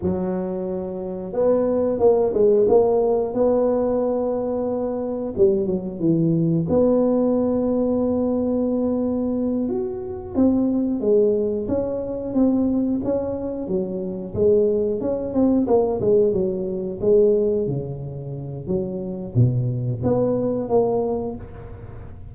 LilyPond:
\new Staff \with { instrumentName = "tuba" } { \time 4/4 \tempo 4 = 90 fis2 b4 ais8 gis8 | ais4 b2. | g8 fis8 e4 b2~ | b2~ b8 fis'4 c'8~ |
c'8 gis4 cis'4 c'4 cis'8~ | cis'8 fis4 gis4 cis'8 c'8 ais8 | gis8 fis4 gis4 cis4. | fis4 b,4 b4 ais4 | }